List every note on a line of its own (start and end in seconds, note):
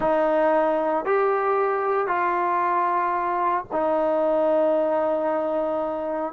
0.00 1.05 D#4
1.05 2.07 G4
2.07 3.65 F4
3.72 6.33 D#4